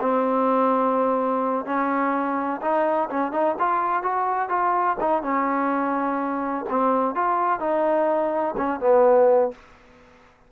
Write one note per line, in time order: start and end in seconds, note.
0.00 1.65 C4
1.65 2.60 C#4
2.61 3.08 D#4
3.10 3.31 C#4
3.31 3.55 D#4
3.58 4.02 F4
4.02 4.49 F#4
4.49 4.96 F4
5.00 5.22 D#4
5.22 6.65 C#4
6.69 7.15 C4
7.15 7.60 F4
7.60 8.55 D#4
8.57 8.80 C#4
8.80 9.51 B3